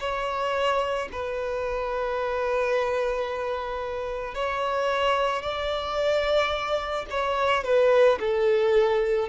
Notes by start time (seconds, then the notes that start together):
0.00 C#5
1.12 B4
4.35 C#5
5.42 D5
7.10 C#5
7.64 B4
8.20 A4